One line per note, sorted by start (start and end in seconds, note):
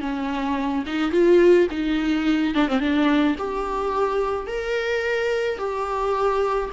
0.00 0.84 C#4
0.86 1.11 D#4
1.11 1.67 F4
1.70 2.54 D#4
2.54 2.68 D4
2.68 2.79 C4
2.79 3.35 D4
3.38 4.47 G4
4.47 5.58 A#4
5.58 6.70 G4